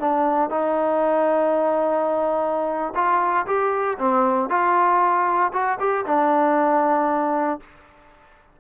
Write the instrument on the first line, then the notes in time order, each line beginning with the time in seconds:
trombone
0.00 D4
0.50 D#4
2.95 F4
3.47 G4
3.99 C4
4.50 F4
5.53 F#4
5.79 G4
6.06 D4